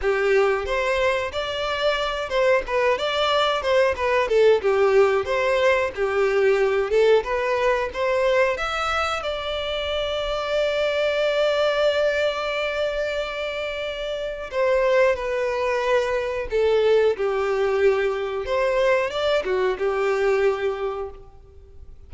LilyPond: \new Staff \with { instrumentName = "violin" } { \time 4/4 \tempo 4 = 91 g'4 c''4 d''4. c''8 | b'8 d''4 c''8 b'8 a'8 g'4 | c''4 g'4. a'8 b'4 | c''4 e''4 d''2~ |
d''1~ | d''2 c''4 b'4~ | b'4 a'4 g'2 | c''4 d''8 fis'8 g'2 | }